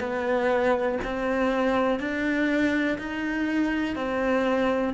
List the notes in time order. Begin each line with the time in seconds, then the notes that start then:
0.00 B3
1.04 C4
1.99 D4
2.98 D#4
3.96 C4